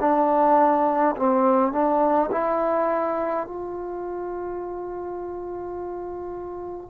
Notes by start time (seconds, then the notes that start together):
0.00 D4
1.16 C4
1.72 D4
2.31 E4
3.47 F4